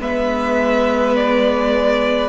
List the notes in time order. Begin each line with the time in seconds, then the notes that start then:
0.00 G#3 B3 B4 E5
1.17 D5